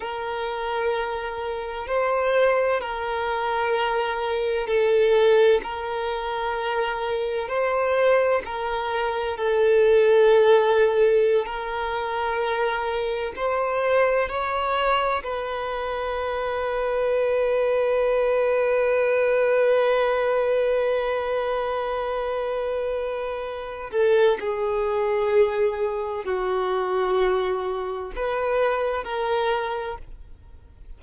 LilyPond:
\new Staff \with { instrumentName = "violin" } { \time 4/4 \tempo 4 = 64 ais'2 c''4 ais'4~ | ais'4 a'4 ais'2 | c''4 ais'4 a'2~ | a'16 ais'2 c''4 cis''8.~ |
cis''16 b'2.~ b'8.~ | b'1~ | b'4. a'8 gis'2 | fis'2 b'4 ais'4 | }